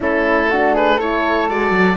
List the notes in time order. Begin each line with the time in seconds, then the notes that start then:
0.00 A3 C#4 E4 A4
0.50 D4 F#4
0.73 G#4 B4
0.96 E4 A4 C#5
1.48 G#3 F#4 D5
1.71 F#3